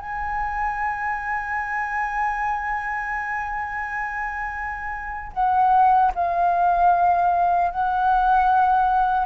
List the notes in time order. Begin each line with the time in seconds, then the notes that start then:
0.00 G#5
5.33 F#5
6.15 F5
7.72 F#5